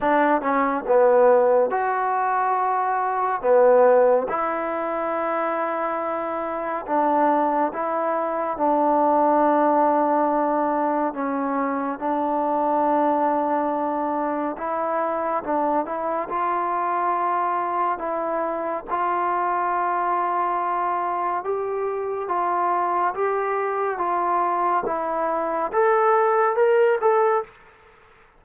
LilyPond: \new Staff \with { instrumentName = "trombone" } { \time 4/4 \tempo 4 = 70 d'8 cis'8 b4 fis'2 | b4 e'2. | d'4 e'4 d'2~ | d'4 cis'4 d'2~ |
d'4 e'4 d'8 e'8 f'4~ | f'4 e'4 f'2~ | f'4 g'4 f'4 g'4 | f'4 e'4 a'4 ais'8 a'8 | }